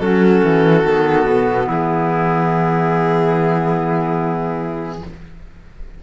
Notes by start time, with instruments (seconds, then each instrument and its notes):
0.00 cello F#3, clarinet C#4, trumpet F#4, violin A4
0.44 cello E3
0.84 cello D#3, clarinet B3
1.26 cello B2
1.67 cello E3, trumpet E4, violin G#4